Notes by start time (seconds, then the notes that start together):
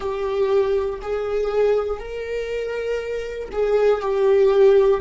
0.00 G4
1.01 G#4
1.99 A#4
3.52 G#4
4.01 G4